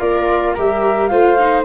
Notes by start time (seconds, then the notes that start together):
0.00 A#3 F4 A#4 D5
0.55 G3 G4 A#4 E5
1.08 A3 F4 C5 F5
1.38 D#4